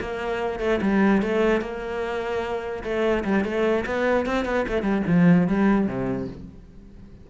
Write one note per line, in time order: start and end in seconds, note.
0.00 0.59 A#3
0.59 0.79 A3
0.81 1.22 G3
1.22 1.61 A3
1.61 2.83 A#3
2.83 3.24 A3
3.24 3.44 G3
3.44 3.84 A3
3.86 4.25 B3
4.25 4.45 C4
4.45 4.65 B3
4.68 4.82 A3
4.82 5.02 G3
5.07 5.47 F3
5.47 5.87 G3
5.87 6.27 C3